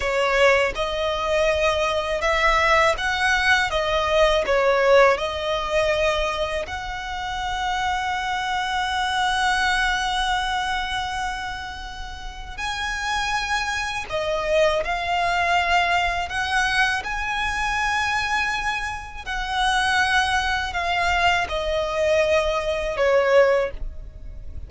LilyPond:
\new Staff \with { instrumentName = "violin" } { \time 4/4 \tempo 4 = 81 cis''4 dis''2 e''4 | fis''4 dis''4 cis''4 dis''4~ | dis''4 fis''2.~ | fis''1~ |
fis''4 gis''2 dis''4 | f''2 fis''4 gis''4~ | gis''2 fis''2 | f''4 dis''2 cis''4 | }